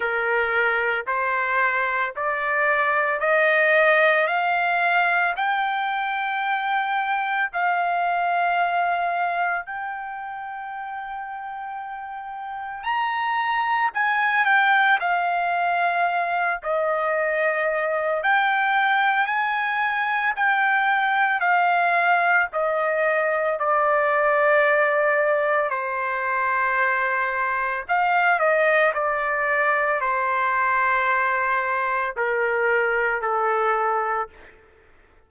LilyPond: \new Staff \with { instrumentName = "trumpet" } { \time 4/4 \tempo 4 = 56 ais'4 c''4 d''4 dis''4 | f''4 g''2 f''4~ | f''4 g''2. | ais''4 gis''8 g''8 f''4. dis''8~ |
dis''4 g''4 gis''4 g''4 | f''4 dis''4 d''2 | c''2 f''8 dis''8 d''4 | c''2 ais'4 a'4 | }